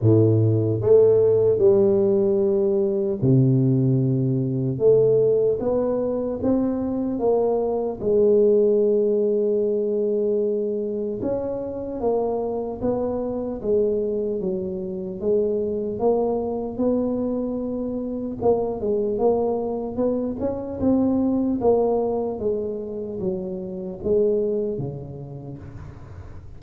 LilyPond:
\new Staff \with { instrumentName = "tuba" } { \time 4/4 \tempo 4 = 75 a,4 a4 g2 | c2 a4 b4 | c'4 ais4 gis2~ | gis2 cis'4 ais4 |
b4 gis4 fis4 gis4 | ais4 b2 ais8 gis8 | ais4 b8 cis'8 c'4 ais4 | gis4 fis4 gis4 cis4 | }